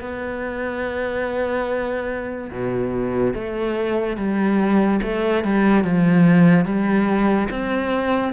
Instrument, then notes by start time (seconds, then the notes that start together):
cello
0.00 B3
2.50 B2
3.34 A3
4.17 G3
5.02 A3
5.44 G3
5.83 F3
6.65 G3
7.50 C4